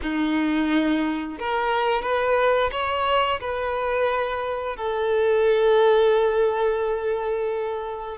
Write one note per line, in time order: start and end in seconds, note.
0.02 1.38 D#4
1.39 2.02 A#4
2.02 2.70 B4
2.71 3.39 C#5
3.40 4.76 B4
4.76 8.17 A4